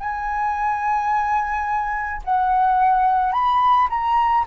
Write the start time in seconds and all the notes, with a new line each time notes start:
0.00 G#5
2.25 F#5
3.33 B5
3.90 A#5